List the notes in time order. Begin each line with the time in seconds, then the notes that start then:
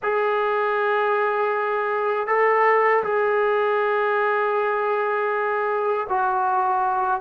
0.02 G#4
2.27 A4
3.03 G#4
6.09 F#4